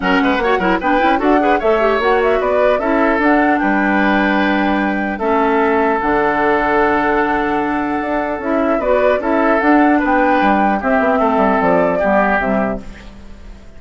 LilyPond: <<
  \new Staff \with { instrumentName = "flute" } { \time 4/4 \tempo 4 = 150 fis''2 g''4 fis''4 | e''4 fis''8 e''8 d''4 e''4 | fis''4 g''2.~ | g''4 e''2 fis''4~ |
fis''1~ | fis''4 e''4 d''4 e''4 | fis''4 g''2 e''4~ | e''4 d''2 e''4 | }
  \new Staff \with { instrumentName = "oboe" } { \time 4/4 ais'8 b'8 cis''8 ais'8 b'4 a'8 b'8 | cis''2 b'4 a'4~ | a'4 b'2.~ | b'4 a'2.~ |
a'1~ | a'2 b'4 a'4~ | a'4 b'2 g'4 | a'2 g'2 | }
  \new Staff \with { instrumentName = "clarinet" } { \time 4/4 cis'4 fis'8 e'8 d'8 e'8 fis'8 gis'8 | a'8 g'8 fis'2 e'4 | d'1~ | d'4 cis'2 d'4~ |
d'1~ | d'4 e'4 fis'4 e'4 | d'2. c'4~ | c'2 b4 g4 | }
  \new Staff \with { instrumentName = "bassoon" } { \time 4/4 fis8 gis8 ais8 fis8 b8 cis'8 d'4 | a4 ais4 b4 cis'4 | d'4 g2.~ | g4 a2 d4~ |
d1 | d'4 cis'4 b4 cis'4 | d'4 b4 g4 c'8 b8 | a8 g8 f4 g4 c4 | }
>>